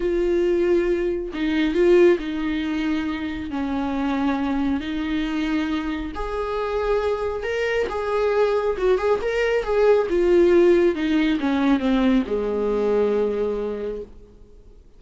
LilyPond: \new Staff \with { instrumentName = "viola" } { \time 4/4 \tempo 4 = 137 f'2. dis'4 | f'4 dis'2. | cis'2. dis'4~ | dis'2 gis'2~ |
gis'4 ais'4 gis'2 | fis'8 gis'8 ais'4 gis'4 f'4~ | f'4 dis'4 cis'4 c'4 | gis1 | }